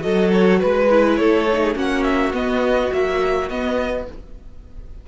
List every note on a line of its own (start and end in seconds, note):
0.00 0.63 F#3
0.00 0.87 F#4
0.00 0.61 A4
0.00 0.30 D#5
0.32 0.59 C#5
0.59 1.18 G#3
0.59 1.16 B4
0.59 1.19 B4
0.90 1.48 E4
1.16 1.75 A3
1.16 1.62 A4
1.16 1.74 C#5
1.52 1.74 D#4
1.62 1.75 G#4
1.74 2.33 A#3
1.74 2.32 C#4
1.74 4.06 F#4
1.74 2.03 F#5
2.03 2.32 E5
2.33 2.90 B3
2.33 2.91 B3
2.33 2.93 D#5
2.91 3.49 F#3
2.91 3.50 A#3
2.91 3.49 E5
3.49 4.07 B3
3.49 4.08 B3
3.49 4.06 D#5